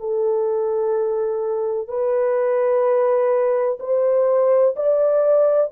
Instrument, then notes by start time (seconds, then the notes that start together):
horn
0.00 A4
1.88 B4
3.80 C5
4.76 D5